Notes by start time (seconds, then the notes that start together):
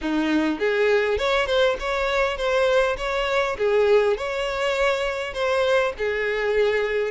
0.01 D#4
0.59 G#4
1.17 C#5
1.46 C5
1.79 C#5
2.37 C5
2.97 C#5
3.58 G#4
4.17 C#5
5.33 C5
5.98 G#4